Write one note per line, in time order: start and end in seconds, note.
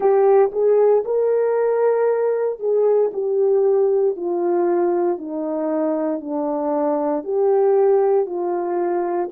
0.00 0.50 G4
0.52 1.03 G#4
1.04 2.59 A#4
2.59 3.11 G#4
3.13 4.16 G4
4.16 5.17 F4
5.17 6.20 D#4
6.20 7.24 D4
7.24 8.25 G4
8.25 9.29 F4